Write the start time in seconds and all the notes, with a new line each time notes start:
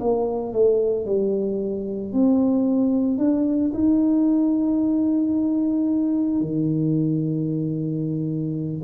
0.00 A#3
0.53 A3
1.06 G3
2.13 C4
3.18 D4
3.74 D#4
6.41 D#3